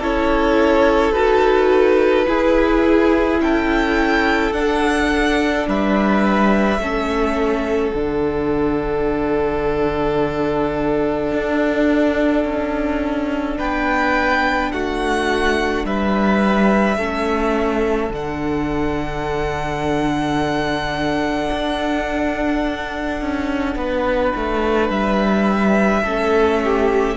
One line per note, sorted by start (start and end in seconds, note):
0.00 1.13 C#4
0.00 1.14 E4
0.00 2.26 A4
0.00 1.12 C#5
1.12 2.27 D#4
1.12 2.28 F#4
1.12 3.39 B4
2.28 4.54 E4
2.28 3.40 E4
2.28 3.42 G#4
3.40 4.52 C#4
3.40 5.69 A4
3.40 4.53 G5
4.52 5.66 D4
4.52 6.80 D4
4.52 5.66 F#5
5.67 6.79 G3
5.67 6.82 B4
5.67 7.91 E5
6.79 7.92 A3
6.79 7.94 C#4
6.79 13.58 A4
7.91 11.32 D3
7.91 16.99 D4
7.91 13.57 F#5
11.32 12.45 D4
12.45 13.58 C#4
13.58 14.73 B3
13.58 14.71 B4
13.58 14.72 G5
14.72 15.85 A3
14.72 15.87 F#4
14.72 15.86 F#5
15.85 16.98 G3
15.85 16.98 B4
15.85 18.13 E5
16.98 18.10 A3
16.98 18.12 C#4
16.98 23.78 A4
18.10 21.50 D3
18.10 26.05 D4
18.10 24.91 F#5
21.52 23.22 D4
23.22 23.76 C#4
23.76 24.33 B3
23.76 26.03 B4
24.36 24.90 A3
24.90 26.03 G3
24.90 27.17 E5
26.03 27.17 A3
26.03 27.17 C#4
26.03 26.60 A4
26.65 27.17 G4